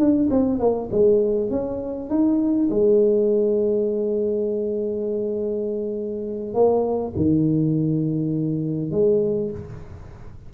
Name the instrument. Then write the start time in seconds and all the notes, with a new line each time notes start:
tuba
0.00 D4
0.31 C4
0.60 A#3
0.92 G#3
1.51 C#4
2.10 D#4
2.71 G#3
6.54 A#3
7.17 D#3
8.92 G#3